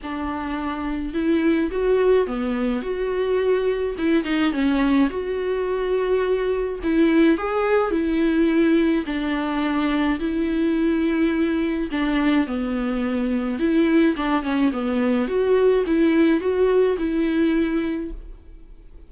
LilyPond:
\new Staff \with { instrumentName = "viola" } { \time 4/4 \tempo 4 = 106 d'2 e'4 fis'4 | b4 fis'2 e'8 dis'8 | cis'4 fis'2. | e'4 gis'4 e'2 |
d'2 e'2~ | e'4 d'4 b2 | e'4 d'8 cis'8 b4 fis'4 | e'4 fis'4 e'2 | }